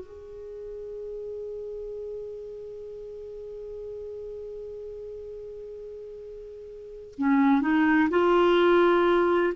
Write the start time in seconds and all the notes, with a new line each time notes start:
0.00 G#4
7.18 C#4
7.61 D#4
8.10 F4